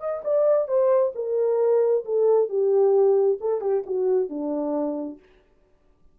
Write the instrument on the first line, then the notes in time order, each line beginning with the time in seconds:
horn
0.00 D#5
0.24 D5
0.68 C5
1.15 A#4
2.05 A4
2.49 G4
3.41 A4
3.61 G4
3.86 F#4
4.29 D4